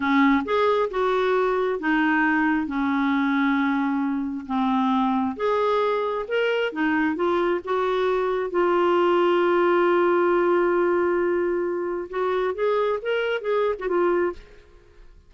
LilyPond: \new Staff \with { instrumentName = "clarinet" } { \time 4/4 \tempo 4 = 134 cis'4 gis'4 fis'2 | dis'2 cis'2~ | cis'2 c'2 | gis'2 ais'4 dis'4 |
f'4 fis'2 f'4~ | f'1~ | f'2. fis'4 | gis'4 ais'4 gis'8. fis'16 f'4 | }